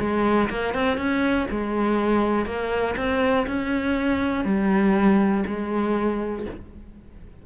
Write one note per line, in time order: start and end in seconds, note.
0.00 0.50 G#3
0.50 0.74 A#3
0.74 0.97 C4
0.97 1.47 C#4
1.51 2.46 G#3
2.46 2.96 A#3
2.97 3.47 C4
3.47 4.45 C#4
4.45 5.44 G3
5.47 6.46 G#3